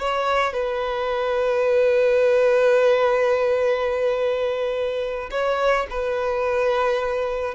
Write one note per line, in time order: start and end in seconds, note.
0.00 0.54 C#5
0.54 5.30 B4
5.31 5.87 C#5
5.91 7.55 B4